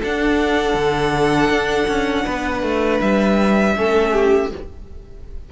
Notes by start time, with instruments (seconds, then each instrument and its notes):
0.00 cello D4, viola D4, violin A4 F#5
0.75 cello D3
1.50 cello D4
1.88 cello C#4
2.25 cello B3, violin B4
2.63 cello A3
3.01 cello G3, violin E5
3.76 cello A3, viola C#4, violin A4
4.13 violin G4